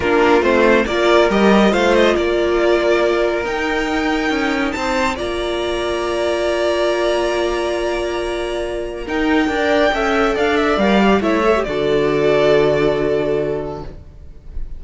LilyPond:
<<
  \new Staff \with { instrumentName = "violin" } { \time 4/4 \tempo 4 = 139 ais'4 c''4 d''4 dis''4 | f''8 dis''8 d''2. | g''2. a''4 | ais''1~ |
ais''1~ | ais''4 g''2. | f''8 e''8 f''4 e''4 d''4~ | d''1 | }
  \new Staff \with { instrumentName = "violin" } { \time 4/4 f'2 ais'2 | c''4 ais'2.~ | ais'2. c''4 | d''1~ |
d''1~ | d''4 ais'4 d''4 e''4 | d''2 cis''4 a'4~ | a'1 | }
  \new Staff \with { instrumentName = "viola" } { \time 4/4 d'4 c'4 f'4 g'4 | f'1 | dis'1 | f'1~ |
f'1~ | f'4 dis'4 ais'4 a'4~ | a'4 ais'8 g'8 e'8 a'16 g'16 fis'4~ | fis'1 | }
  \new Staff \with { instrumentName = "cello" } { \time 4/4 ais4 a4 ais4 g4 | a4 ais2. | dis'2 cis'4 c'4 | ais1~ |
ais1~ | ais4 dis'4 d'4 cis'4 | d'4 g4 a4 d4~ | d1 | }
>>